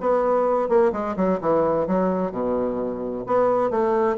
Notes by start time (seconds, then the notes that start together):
0.00 B3
0.68 A#3
0.92 G#3
1.16 F#3
1.40 E3
1.87 F#3
2.31 B2
3.26 B3
3.70 A3